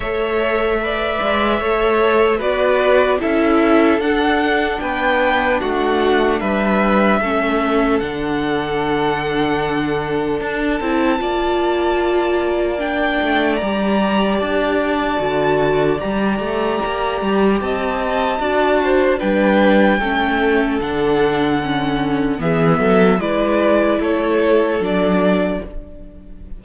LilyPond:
<<
  \new Staff \with { instrumentName = "violin" } { \time 4/4 \tempo 4 = 75 e''2. d''4 | e''4 fis''4 g''4 fis''4 | e''2 fis''2~ | fis''4 a''2. |
g''4 ais''4 a''2 | ais''2 a''2 | g''2 fis''2 | e''4 d''4 cis''4 d''4 | }
  \new Staff \with { instrumentName = "violin" } { \time 4/4 cis''4 d''4 cis''4 b'4 | a'2 b'4 fis'4 | b'4 a'2.~ | a'2 d''2~ |
d''1~ | d''2 dis''4 d''8 c''8 | b'4 a'2. | gis'8 a'8 b'4 a'2 | }
  \new Staff \with { instrumentName = "viola" } { \time 4/4 a'4 b'4 a'4 fis'4 | e'4 d'2.~ | d'4 cis'4 d'2~ | d'4. e'8 f'2 |
d'4 g'2 fis'4 | g'2. fis'4 | d'4 cis'4 d'4 cis'4 | b4 e'2 d'4 | }
  \new Staff \with { instrumentName = "cello" } { \time 4/4 a4. gis8 a4 b4 | cis'4 d'4 b4 a4 | g4 a4 d2~ | d4 d'8 c'8 ais2~ |
ais8 a8 g4 d'4 d4 | g8 a8 ais8 g8 c'4 d'4 | g4 a4 d2 | e8 fis8 gis4 a4 fis4 | }
>>